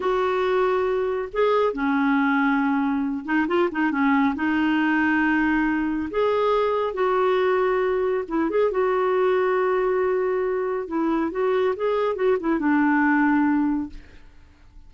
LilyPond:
\new Staff \with { instrumentName = "clarinet" } { \time 4/4 \tempo 4 = 138 fis'2. gis'4 | cis'2.~ cis'8 dis'8 | f'8 dis'8 cis'4 dis'2~ | dis'2 gis'2 |
fis'2. e'8 gis'8 | fis'1~ | fis'4 e'4 fis'4 gis'4 | fis'8 e'8 d'2. | }